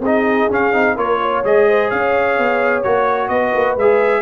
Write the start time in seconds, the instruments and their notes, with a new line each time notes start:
0.00 tuba C4, trombone D#4, horn G#4, trumpet D#5
0.50 trombone C#4, tuba C#4, trumpet F5
0.73 tuba C4, trombone D#4
0.96 tuba A#3, trombone F4, horn A#4, trumpet C#5
1.22 horn C#5
1.44 tuba G#3, trombone G#4, trumpet D#5
1.69 horn C5
1.89 tuba C#4, horn C#5, trumpet F5
2.38 tuba B3
2.83 tuba A#3, trombone F#4, trumpet C#5
3.28 tuba B3, horn B4, trumpet D#5
3.54 tuba A#3
3.77 tuba G#3, trombone G#4, trumpet E5